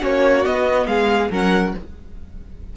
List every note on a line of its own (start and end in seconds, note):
0.00 0.46 A#3
0.00 0.43 C#4
0.00 0.87 F#4
0.00 0.45 C#5
0.44 1.30 B3
0.44 0.86 B3
0.44 0.87 D#5
0.86 1.29 G#3
0.86 1.30 G#4
0.86 1.30 F5
1.30 1.74 F#3
1.30 1.75 C#4
1.30 1.74 A#4
1.30 1.76 F#5